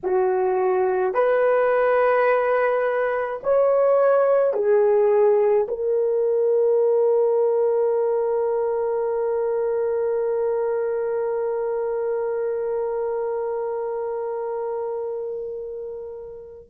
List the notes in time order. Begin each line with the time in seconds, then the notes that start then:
0.03 F#4
1.13 B4
3.43 C#5
4.53 G#4
5.68 A#4